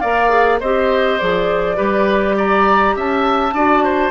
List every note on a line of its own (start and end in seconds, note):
0.00 0.62 A#3
0.00 0.29 A#4
0.00 0.60 D5
0.00 0.59 F5
0.29 0.59 G#4
0.60 1.21 C4
0.60 1.20 G4
0.60 1.77 C5
0.60 1.19 D#5
1.19 1.79 F3
1.19 1.76 G#4
1.19 2.37 D5
1.76 2.96 G3
1.76 3.52 G4
1.76 2.36 B4
2.38 2.96 D5
2.38 2.97 A#5
2.96 3.53 C#4
2.96 3.55 E5
2.96 4.11 A5
3.53 4.11 D4
3.53 4.11 F#4
3.53 3.84 D5
3.84 4.11 C5